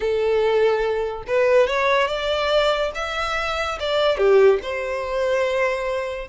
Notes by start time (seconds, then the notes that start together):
0.00 A4
1.27 B4
1.67 C#5
2.07 D5
2.94 E5
3.79 D5
4.17 G4
4.62 C5